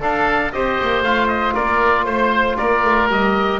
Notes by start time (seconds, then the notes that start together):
0.00 D4 A4 F5
0.52 C4 G4 C5 D#5
0.81 A#3
1.02 A3 F4 F5
1.28 D#5
1.54 A#3 A#4 D5
2.04 A3 C5
2.57 A#3 A#4 D5
2.84 A3
3.08 G3 G4 D#5